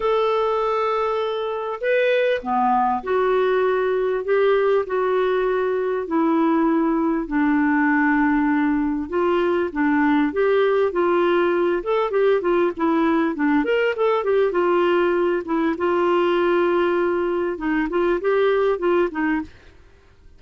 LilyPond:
\new Staff \with { instrumentName = "clarinet" } { \time 4/4 \tempo 4 = 99 a'2. b'4 | b4 fis'2 g'4 | fis'2 e'2 | d'2. f'4 |
d'4 g'4 f'4. a'8 | g'8 f'8 e'4 d'8 ais'8 a'8 g'8 | f'4. e'8 f'2~ | f'4 dis'8 f'8 g'4 f'8 dis'8 | }